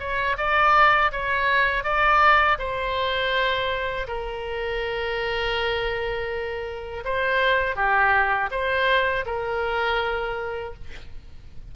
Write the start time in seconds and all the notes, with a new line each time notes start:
0.00 C#5
0.38 D5
1.12 C#5
1.84 D5
2.59 C5
4.08 A#4
7.05 C5
7.76 G4
8.52 C5
9.26 A#4